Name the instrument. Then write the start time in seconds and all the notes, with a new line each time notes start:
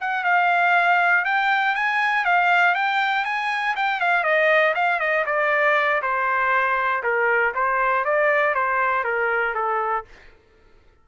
trumpet
0.00 F#5
0.24 F5
1.24 G5
1.75 G#5
2.25 F5
2.74 G5
3.24 G#5
3.76 G5
4.00 F5
4.23 D#5
4.74 F5
4.99 D#5
5.25 D5
6.01 C5
7.03 A#4
7.54 C5
8.04 D5
8.54 C5
9.03 A#4
9.54 A4